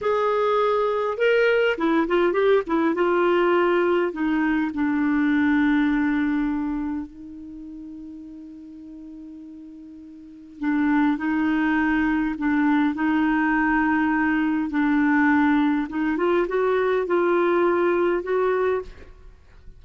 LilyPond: \new Staff \with { instrumentName = "clarinet" } { \time 4/4 \tempo 4 = 102 gis'2 ais'4 e'8 f'8 | g'8 e'8 f'2 dis'4 | d'1 | dis'1~ |
dis'2 d'4 dis'4~ | dis'4 d'4 dis'2~ | dis'4 d'2 dis'8 f'8 | fis'4 f'2 fis'4 | }